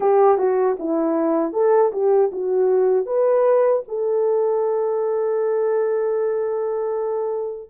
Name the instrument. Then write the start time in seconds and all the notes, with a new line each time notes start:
horn
0.00 G4
0.38 F#4
0.79 E4
1.52 A4
1.92 G4
2.32 F#4
3.06 B4
3.87 A4